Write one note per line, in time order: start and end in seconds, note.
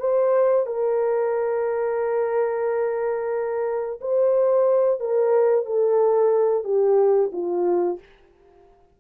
0.00 0.67 C5
0.67 4.00 A#4
4.01 5.00 C5
5.00 5.66 A#4
5.66 6.64 A4
6.64 7.31 G4
7.33 7.99 F4